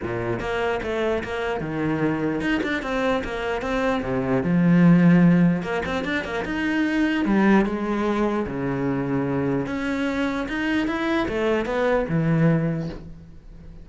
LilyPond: \new Staff \with { instrumentName = "cello" } { \time 4/4 \tempo 4 = 149 ais,4 ais4 a4 ais4 | dis2 dis'8 d'8 c'4 | ais4 c'4 c4 f4~ | f2 ais8 c'8 d'8 ais8 |
dis'2 g4 gis4~ | gis4 cis2. | cis'2 dis'4 e'4 | a4 b4 e2 | }